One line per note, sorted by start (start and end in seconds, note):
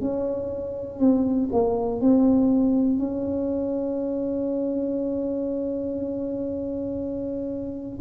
0.00 0.99 C#4
0.99 1.49 C4
1.52 2.00 A#3
2.00 2.99 C4
2.99 7.99 C#4